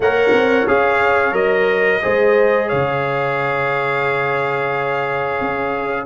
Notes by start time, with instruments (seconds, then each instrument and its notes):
0.00 tuba A#3, trombone A#4, horn C#5, trumpet F#5
0.32 tuba C4
0.67 tuba C#4, trombone G#4, trumpet F5
1.32 tuba F#3, trombone A#4, trumpet D#5
2.02 tuba G#3, trombone G#4, horn C5
2.67 tuba C#3, horn C#5, trumpet F5
5.41 tuba C#4